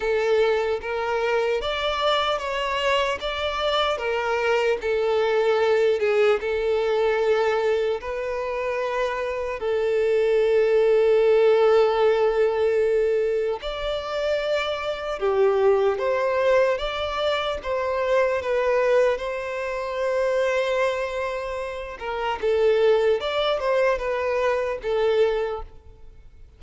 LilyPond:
\new Staff \with { instrumentName = "violin" } { \time 4/4 \tempo 4 = 75 a'4 ais'4 d''4 cis''4 | d''4 ais'4 a'4. gis'8 | a'2 b'2 | a'1~ |
a'4 d''2 g'4 | c''4 d''4 c''4 b'4 | c''2.~ c''8 ais'8 | a'4 d''8 c''8 b'4 a'4 | }